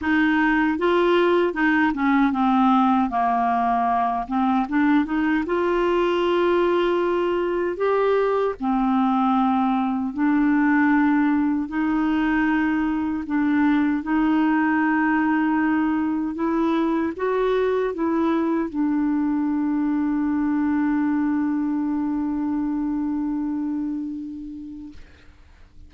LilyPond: \new Staff \with { instrumentName = "clarinet" } { \time 4/4 \tempo 4 = 77 dis'4 f'4 dis'8 cis'8 c'4 | ais4. c'8 d'8 dis'8 f'4~ | f'2 g'4 c'4~ | c'4 d'2 dis'4~ |
dis'4 d'4 dis'2~ | dis'4 e'4 fis'4 e'4 | d'1~ | d'1 | }